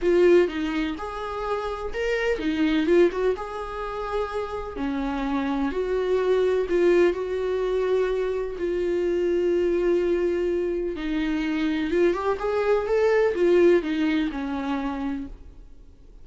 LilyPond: \new Staff \with { instrumentName = "viola" } { \time 4/4 \tempo 4 = 126 f'4 dis'4 gis'2 | ais'4 dis'4 f'8 fis'8 gis'4~ | gis'2 cis'2 | fis'2 f'4 fis'4~ |
fis'2 f'2~ | f'2. dis'4~ | dis'4 f'8 g'8 gis'4 a'4 | f'4 dis'4 cis'2 | }